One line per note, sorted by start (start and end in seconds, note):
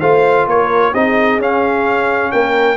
0.00 0.47 A3
0.00 0.93 F4
0.00 0.46 C5
0.00 0.46 F5
0.47 0.93 A#3
0.47 0.93 A#4
0.47 0.94 C#5
0.94 1.38 C4
0.94 1.40 D#4
0.94 2.32 G#4
0.94 1.40 D#5
1.38 2.30 C#4
1.38 2.77 C#4
1.38 2.32 F5
2.32 2.77 A#3
2.32 2.77 A#4
2.32 2.77 G5